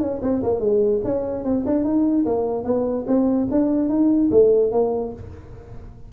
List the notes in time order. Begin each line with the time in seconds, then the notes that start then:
0.00 C#4
0.22 C4
0.43 A#3
0.60 G#3
1.04 C#4
1.44 C4
1.65 D4
1.84 D#4
2.25 A#3
2.64 B3
3.07 C4
3.51 D4
3.89 D#4
4.31 A3
4.72 A#3